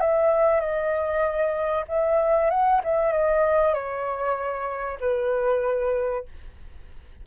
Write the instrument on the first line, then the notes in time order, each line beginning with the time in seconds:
flute
0.00 E5
0.60 D#5
1.88 E5
2.50 F#5
2.84 E5
3.12 D#5
3.74 C#5
5.00 B4